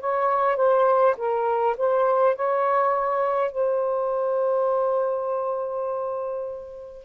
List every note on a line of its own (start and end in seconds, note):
0.00 0.56 C#5
0.56 1.15 C5
1.17 1.76 A#4
1.78 2.36 C5
2.36 3.51 C#5
3.51 7.04 C5